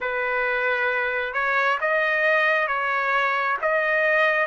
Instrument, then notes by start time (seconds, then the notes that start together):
trumpet
0.00 B4
1.34 C#5
1.80 D#5
2.67 C#5
3.61 D#5